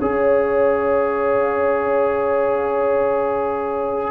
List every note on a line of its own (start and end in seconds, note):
0.00 4.11 C#4
0.00 4.11 G#4
0.00 4.11 C#5
0.00 4.11 F5